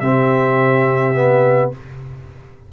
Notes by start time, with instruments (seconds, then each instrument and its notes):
0.00 tuba C3, trombone C4, horn G4, trumpet E5
1.14 trombone B3